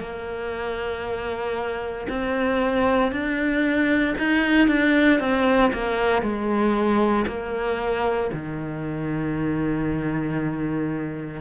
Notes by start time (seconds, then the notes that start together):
0.00 A#3
2.09 C4
3.11 D4
4.18 D#4
4.68 D4
5.20 C4
5.73 A#3
6.22 G#3
7.26 A#3
8.33 D#3